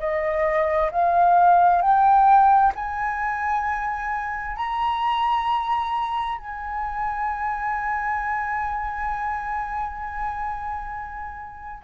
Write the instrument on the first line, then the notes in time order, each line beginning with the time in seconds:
flute
0.00 D#5
0.91 F5
1.82 G5
2.76 G#5
4.57 A#5
6.39 G#5